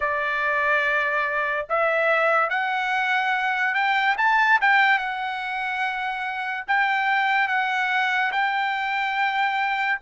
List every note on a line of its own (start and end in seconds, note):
0.00 1.66 D5
1.69 2.49 E5
2.49 3.74 F#5
3.74 4.16 G5
4.17 4.59 A5
4.61 4.98 G5
4.98 6.64 F#5
6.67 7.48 G5
7.48 8.31 F#5
8.32 9.98 G5